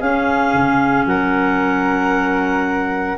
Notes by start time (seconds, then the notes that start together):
0.00 C#4 G#4 F5
0.54 C#3
1.06 F#3 A#4 F#5